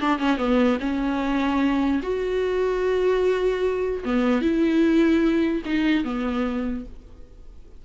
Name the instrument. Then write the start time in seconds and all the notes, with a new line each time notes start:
viola
0.00 D4
0.18 C#4
0.37 B3
0.80 C#4
2.03 F#4
4.05 B3
4.41 E4
5.65 D#4
6.04 B3